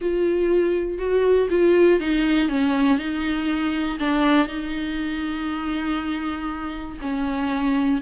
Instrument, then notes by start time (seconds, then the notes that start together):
viola
0.01 F4
0.98 F#4
1.50 F4
2.00 D#4
2.49 C#4
2.98 D#4
3.99 D4
4.47 D#4
7.01 C#4